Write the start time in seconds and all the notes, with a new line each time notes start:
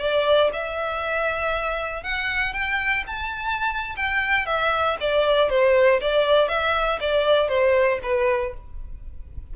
0.00 D5
0.53 E5
2.04 F#5
2.54 G5
3.07 A5
3.97 G5
4.47 E5
5.01 D5
5.50 C5
6.01 D5
6.49 E5
7.01 D5
7.49 C5
8.03 B4